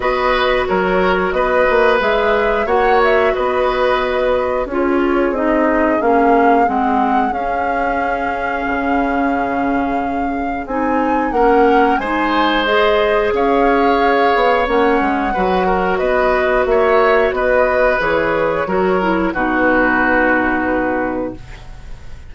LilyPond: <<
  \new Staff \with { instrumentName = "flute" } { \time 4/4 \tempo 4 = 90 dis''4 cis''4 dis''4 e''4 | fis''8 e''8 dis''2 cis''4 | dis''4 f''4 fis''4 f''4~ | f''1 |
gis''4 fis''4 gis''4 dis''4 | f''2 fis''2 | dis''4 e''4 dis''4 cis''4~ | cis''4 b'2. | }
  \new Staff \with { instrumentName = "oboe" } { \time 4/4 b'4 ais'4 b'2 | cis''4 b'2 gis'4~ | gis'1~ | gis'1~ |
gis'4 ais'4 c''2 | cis''2. b'8 ais'8 | b'4 cis''4 b'2 | ais'4 fis'2. | }
  \new Staff \with { instrumentName = "clarinet" } { \time 4/4 fis'2. gis'4 | fis'2. f'4 | dis'4 cis'4 c'4 cis'4~ | cis'1 |
dis'4 cis'4 dis'4 gis'4~ | gis'2 cis'4 fis'4~ | fis'2. gis'4 | fis'8 e'8 dis'2. | }
  \new Staff \with { instrumentName = "bassoon" } { \time 4/4 b4 fis4 b8 ais8 gis4 | ais4 b2 cis'4 | c'4 ais4 gis4 cis'4~ | cis'4 cis2. |
c'4 ais4 gis2 | cis'4. b8 ais8 gis8 fis4 | b4 ais4 b4 e4 | fis4 b,2. | }
>>